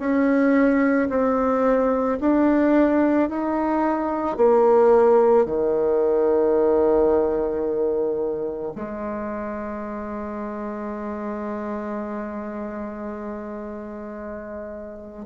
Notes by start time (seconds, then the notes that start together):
0.00 C#4
1.10 C4
2.21 D4
3.30 D#4
4.37 A#3
5.46 D#3
8.76 G#3